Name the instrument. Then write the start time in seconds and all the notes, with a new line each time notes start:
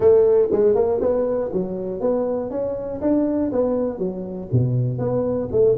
tuba
0.00 A3
0.51 G#3
0.75 A#3
1.01 B3
1.52 F#3
2.00 B3
2.50 C#4
3.01 D4
3.51 B3
3.98 F#3
4.51 B2
4.98 B3
5.51 A3